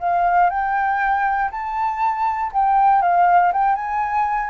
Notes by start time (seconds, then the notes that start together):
0.00 F5
0.50 G5
1.51 A5
2.53 G5
3.02 F5
3.53 G5
3.76 G#5